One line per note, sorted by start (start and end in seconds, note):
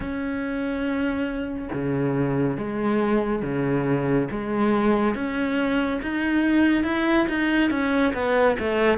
0.00 1.68 C#4
1.73 2.57 C#3
2.57 3.42 G#3
3.42 4.28 C#3
4.31 5.14 G#3
5.14 6.00 C#4
6.02 6.83 D#4
6.83 7.26 E4
7.29 7.70 D#4
7.70 8.13 C#4
8.13 8.56 B3
8.59 8.98 A3